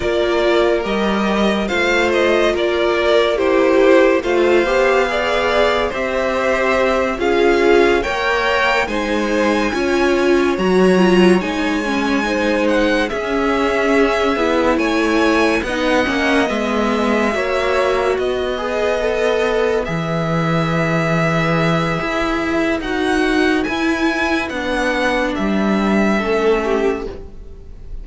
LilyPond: <<
  \new Staff \with { instrumentName = "violin" } { \time 4/4 \tempo 4 = 71 d''4 dis''4 f''8 dis''8 d''4 | c''4 f''2 e''4~ | e''8 f''4 g''4 gis''4.~ | gis''8 ais''4 gis''4. fis''8 e''8~ |
e''4. gis''4 fis''4 e''8~ | e''4. dis''2 e''8~ | e''2. fis''4 | gis''4 fis''4 e''2 | }
  \new Staff \with { instrumentName = "violin" } { \time 4/4 ais'2 c''4 ais'4 | g'4 c''4 d''4 c''4~ | c''8 gis'4 cis''4 c''4 cis''8~ | cis''2~ cis''8 c''4 gis'8~ |
gis'4. cis''4 dis''4.~ | dis''8 cis''4 b'2~ b'8~ | b'1~ | b'2. a'8 g'8 | }
  \new Staff \with { instrumentName = "viola" } { \time 4/4 f'4 g'4 f'2 | e'4 f'8 g'8 gis'4 g'4~ | g'8 f'4 ais'4 dis'4 f'8~ | f'8 fis'8 f'8 dis'8 cis'8 dis'4 cis'8~ |
cis'4 e'4. dis'8 cis'8 b8~ | b8 fis'4. gis'8 a'4 gis'8~ | gis'2. fis'4 | e'4 d'2 cis'4 | }
  \new Staff \with { instrumentName = "cello" } { \time 4/4 ais4 g4 a4 ais4~ | ais4 a8 b4. c'4~ | c'8 cis'4 ais4 gis4 cis'8~ | cis'8 fis4 gis2 cis'8~ |
cis'4 b8 a4 b8 ais8 gis8~ | gis8 ais4 b2 e8~ | e2 e'4 dis'4 | e'4 b4 g4 a4 | }
>>